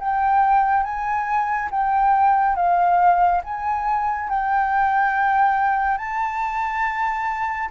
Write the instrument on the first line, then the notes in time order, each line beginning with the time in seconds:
flute
0.00 G5
0.84 G#5
1.71 G5
2.56 F5
3.44 G#5
4.29 G5
5.98 A5